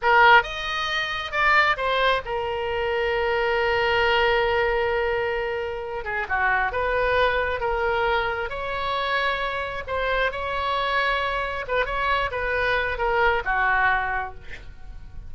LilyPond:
\new Staff \with { instrumentName = "oboe" } { \time 4/4 \tempo 4 = 134 ais'4 dis''2 d''4 | c''4 ais'2.~ | ais'1~ | ais'4. gis'8 fis'4 b'4~ |
b'4 ais'2 cis''4~ | cis''2 c''4 cis''4~ | cis''2 b'8 cis''4 b'8~ | b'4 ais'4 fis'2 | }